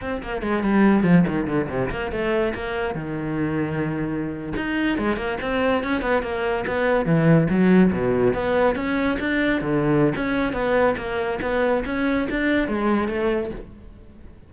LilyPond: \new Staff \with { instrumentName = "cello" } { \time 4/4 \tempo 4 = 142 c'8 ais8 gis8 g4 f8 dis8 d8 | c8 ais8 a4 ais4 dis4~ | dis2~ dis8. dis'4 gis16~ | gis16 ais8 c'4 cis'8 b8 ais4 b16~ |
b8. e4 fis4 b,4 b16~ | b8. cis'4 d'4 d4~ d16 | cis'4 b4 ais4 b4 | cis'4 d'4 gis4 a4 | }